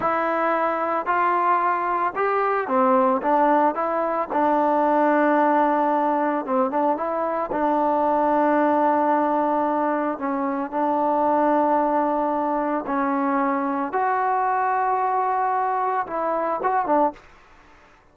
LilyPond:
\new Staff \with { instrumentName = "trombone" } { \time 4/4 \tempo 4 = 112 e'2 f'2 | g'4 c'4 d'4 e'4 | d'1 | c'8 d'8 e'4 d'2~ |
d'2. cis'4 | d'1 | cis'2 fis'2~ | fis'2 e'4 fis'8 d'8 | }